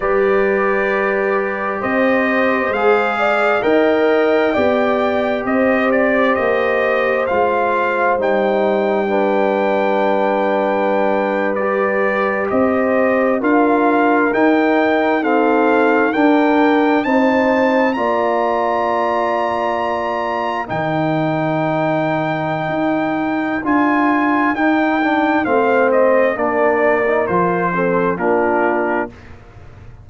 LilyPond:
<<
  \new Staff \with { instrumentName = "trumpet" } { \time 4/4 \tempo 4 = 66 d''2 dis''4 f''4 | g''2 dis''8 d''8 dis''4 | f''4 g''2.~ | g''8. d''4 dis''4 f''4 g''16~ |
g''8. f''4 g''4 a''4 ais''16~ | ais''2~ ais''8. g''4~ g''16~ | g''2 gis''4 g''4 | f''8 dis''8 d''4 c''4 ais'4 | }
  \new Staff \with { instrumentName = "horn" } { \time 4/4 b'2 c''4. d''8 | dis''4 d''4 c''2~ | c''2 b'2~ | b'4.~ b'16 c''4 ais'4~ ais'16~ |
ais'8. a'4 ais'4 c''4 d''16~ | d''2~ d''8. ais'4~ ais'16~ | ais'1 | c''4 ais'4. a'8 f'4 | }
  \new Staff \with { instrumentName = "trombone" } { \time 4/4 g'2. gis'4 | ais'4 g'2. | f'4 dis'4 d'2~ | d'8. g'2 f'4 dis'16~ |
dis'8. c'4 d'4 dis'4 f'16~ | f'2~ f'8. dis'4~ dis'16~ | dis'2 f'4 dis'8 d'8 | c'4 d'8. dis'16 f'8 c'8 d'4 | }
  \new Staff \with { instrumentName = "tuba" } { \time 4/4 g2 c'4 gis4 | dis'4 b4 c'4 ais4 | gis4 g2.~ | g4.~ g16 c'4 d'4 dis'16~ |
dis'4.~ dis'16 d'4 c'4 ais16~ | ais2~ ais8. dis4~ dis16~ | dis4 dis'4 d'4 dis'4 | a4 ais4 f4 ais4 | }
>>